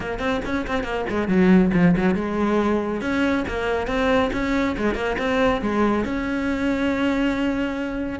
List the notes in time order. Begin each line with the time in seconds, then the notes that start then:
0.00 A#3
0.19 C4
0.45 C#4
0.67 C4
0.83 A#3
1.09 G#3
1.28 F#3
1.73 F3
1.96 F#3
2.14 G#3
3.01 C#4
3.48 A#3
3.87 C4
4.32 C#4
4.77 G#3
4.94 A#3
5.18 C4
5.61 G#3
6.05 C#4